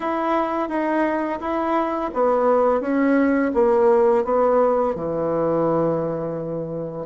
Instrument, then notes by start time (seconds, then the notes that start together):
bassoon
0.00 E4
0.68 D#4
1.40 E4
2.13 B3
2.80 C#4
3.54 A#3
4.24 B3
4.95 E3